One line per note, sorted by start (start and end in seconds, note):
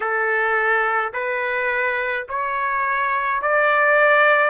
0.00 1.13 A4
1.13 2.26 B4
2.28 3.42 C#5
3.42 4.50 D5